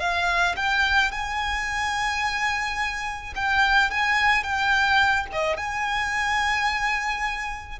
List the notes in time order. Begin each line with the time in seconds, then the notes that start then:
0.00 F5
0.57 G5
1.12 G#5
3.36 G5
3.91 G#5
4.43 G5
5.32 D#5
5.58 G#5